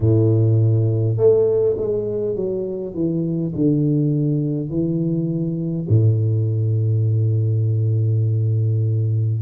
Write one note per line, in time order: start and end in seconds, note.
0.00 1.17 A2
1.17 1.76 A3
1.77 2.35 G#3
2.35 2.94 F#3
2.94 3.53 E3
3.55 4.69 D3
4.69 5.87 E3
5.88 9.41 A2